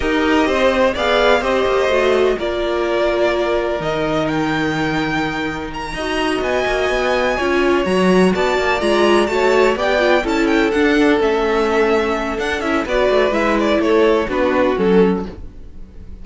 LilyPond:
<<
  \new Staff \with { instrumentName = "violin" } { \time 4/4 \tempo 4 = 126 dis''2 f''4 dis''4~ | dis''4 d''2. | dis''4 g''2. | ais''4. gis''2~ gis''8~ |
gis''8 ais''4 a''4 ais''4 a''8~ | a''8 g''4 a''8 g''8 fis''4 e''8~ | e''2 fis''8 e''8 d''4 | e''8 d''8 cis''4 b'4 a'4 | }
  \new Staff \with { instrumentName = "violin" } { \time 4/4 ais'4 c''4 d''4 c''4~ | c''4 ais'2.~ | ais'1~ | ais'8 dis''2. cis''8~ |
cis''4. d''2 cis''8~ | cis''8 d''4 a'2~ a'8~ | a'2. b'4~ | b'4 a'4 fis'2 | }
  \new Staff \with { instrumentName = "viola" } { \time 4/4 g'2 gis'4 g'4 | fis'4 f'2. | dis'1~ | dis'8 fis'2. f'8~ |
f'8 fis'2 f'4 fis'8~ | fis'8 g'8 f'8 e'4 d'4 cis'8~ | cis'2 d'8 e'8 fis'4 | e'2 d'4 cis'4 | }
  \new Staff \with { instrumentName = "cello" } { \time 4/4 dis'4 c'4 b4 c'8 ais8 | a4 ais2. | dis1~ | dis8 dis'4 b8 ais8 b4 cis'8~ |
cis'8 fis4 b8 ais8 gis4 a8~ | a8 b4 cis'4 d'4 a8~ | a2 d'8 cis'8 b8 a8 | gis4 a4 b4 fis4 | }
>>